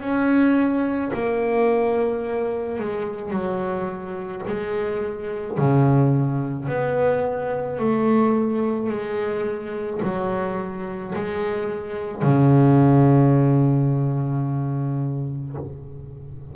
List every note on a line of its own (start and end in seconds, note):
0.00 1.11 C#4
1.13 2.79 A#3
2.79 3.30 G#3
3.30 4.41 F#3
4.47 5.58 G#3
5.58 6.68 C#3
6.68 7.79 B3
7.79 8.89 A3
8.89 10.00 G#3
10.02 11.13 F#3
11.15 12.22 G#3
12.22 15.55 C#3